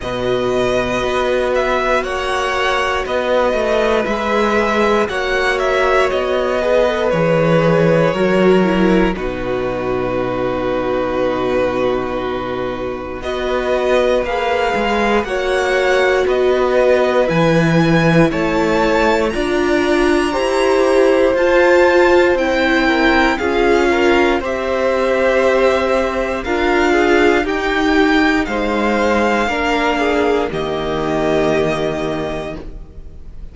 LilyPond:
<<
  \new Staff \with { instrumentName = "violin" } { \time 4/4 \tempo 4 = 59 dis''4. e''8 fis''4 dis''4 | e''4 fis''8 e''8 dis''4 cis''4~ | cis''4 b'2.~ | b'4 dis''4 f''4 fis''4 |
dis''4 gis''4 a''4 ais''4~ | ais''4 a''4 g''4 f''4 | e''2 f''4 g''4 | f''2 dis''2 | }
  \new Staff \with { instrumentName = "violin" } { \time 4/4 b'2 cis''4 b'4~ | b'4 cis''4. b'4. | ais'4 fis'2.~ | fis'4 b'2 cis''4 |
b'2 cis''4 d''4 | c''2~ c''8 ais'8 gis'8 ais'8 | c''2 ais'8 gis'8 g'4 | c''4 ais'8 gis'8 g'2 | }
  \new Staff \with { instrumentName = "viola" } { \time 4/4 fis'1 | gis'4 fis'4. gis'16 a'16 gis'4 | fis'8 e'8 dis'2.~ | dis'4 fis'4 gis'4 fis'4~ |
fis'4 e'2 f'4 | g'4 f'4 e'4 f'4 | g'2 f'4 dis'4~ | dis'4 d'4 ais2 | }
  \new Staff \with { instrumentName = "cello" } { \time 4/4 b,4 b4 ais4 b8 a8 | gis4 ais4 b4 e4 | fis4 b,2.~ | b,4 b4 ais8 gis8 ais4 |
b4 e4 a4 d'4 | e'4 f'4 c'4 cis'4 | c'2 d'4 dis'4 | gis4 ais4 dis2 | }
>>